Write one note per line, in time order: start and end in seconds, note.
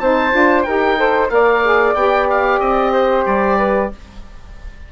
0.00 0.33 C4
0.00 0.32 D#4
0.00 0.66 C5
0.00 0.63 A5
0.32 0.67 D4
0.32 0.65 F4
0.63 1.31 D#4
0.63 0.96 G4
0.63 0.99 A#4
0.63 1.29 G5
0.96 1.29 A4
0.96 1.32 C5
1.30 1.95 A#3
1.30 1.63 A#4
1.30 2.93 D5
1.30 1.95 F5
1.64 1.97 G#4
1.95 2.60 B3
1.95 3.93 G4
1.95 2.27 G5
2.30 2.60 F5
2.60 3.26 C4
2.60 3.25 D#5
2.93 3.58 C5
3.26 3.92 G3
3.26 3.91 D5
3.58 3.91 B4